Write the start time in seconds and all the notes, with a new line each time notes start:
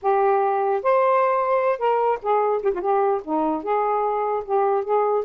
0.01 G4
0.82 C5
1.78 A#4
2.22 G#4
2.63 G4
2.73 F4
2.81 G4
3.23 D#4
3.63 G#4
4.44 G4
4.84 G#4